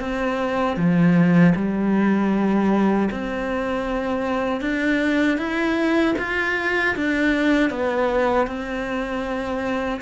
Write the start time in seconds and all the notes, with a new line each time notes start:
0.00 C4
0.76 F3
1.55 G3
3.11 C4
4.61 D4
5.38 E4
6.19 F4
6.96 D4
7.70 B3
8.47 C4